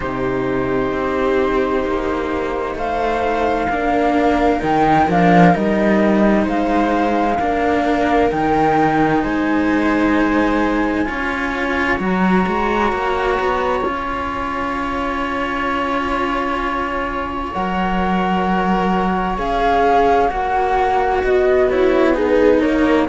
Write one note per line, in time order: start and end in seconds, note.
0.00 0.92 C3
0.00 3.68 D#4
0.00 2.77 G4
0.00 2.76 C5
0.92 1.84 C4
1.84 2.75 A#3
2.75 3.67 A3
2.75 3.69 C5
2.75 4.62 F5
3.69 4.61 A#3
3.69 4.59 D4
3.69 6.42 A#4
4.59 5.08 D#3
4.59 5.05 D#4
4.59 5.09 G5
5.08 5.54 F3
5.08 5.52 D4
5.08 5.54 F5
5.52 6.46 G3
5.52 7.37 D#4
5.52 6.46 D#5
6.42 7.38 G#3
6.42 7.35 C5
6.42 8.30 F5
7.39 8.31 A#3
7.39 8.31 D4
7.39 9.22 A#4
8.30 9.23 D#3
8.30 11.05 D#4
8.30 9.22 G5
9.22 11.08 G#3
9.22 11.07 C5
9.22 11.99 G#5
11.05 11.99 C#4
11.05 11.97 F4
11.05 21.23 C#5
11.98 12.45 F#3
11.98 13.82 F#4
11.98 13.87 A#5
12.47 12.92 G#3
12.92 13.38 A#3
13.39 13.81 B3
13.81 17.50 C#4
13.81 17.54 F4
13.87 17.52 G#5
17.52 19.38 F#3
17.52 19.37 A#4
17.52 19.36 F#5
19.37 20.30 C#4
19.37 20.28 G#4
19.37 20.28 F5
20.28 21.23 A#3
20.28 21.67 F#4
20.28 21.21 F#5
21.23 22.62 B3
21.23 22.14 F#4
21.23 21.69 D#5
21.69 22.14 E4
21.69 22.16 C#5
22.14 23.06 D#4
22.14 22.60 G#4
22.14 22.60 B4
22.60 23.08 A#3
22.60 23.06 A#4
22.60 23.06 C#5